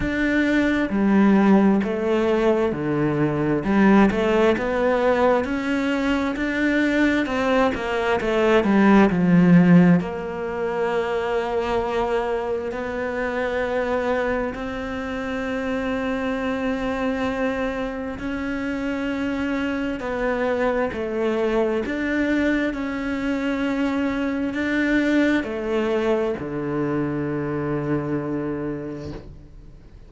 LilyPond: \new Staff \with { instrumentName = "cello" } { \time 4/4 \tempo 4 = 66 d'4 g4 a4 d4 | g8 a8 b4 cis'4 d'4 | c'8 ais8 a8 g8 f4 ais4~ | ais2 b2 |
c'1 | cis'2 b4 a4 | d'4 cis'2 d'4 | a4 d2. | }